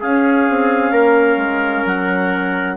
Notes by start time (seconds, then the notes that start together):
0.00 C#4 G#4 F5
0.49 C4
0.91 A#3 A#4
1.37 G#3
1.85 F#3 F#5